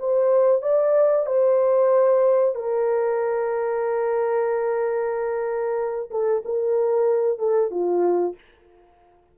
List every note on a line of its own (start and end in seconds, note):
0.00 0.62 C5
0.62 1.27 D5
1.27 2.55 C5
2.55 6.10 A#4
6.11 6.43 A4
6.45 7.39 A#4
7.39 7.71 A4
7.71 8.35 F4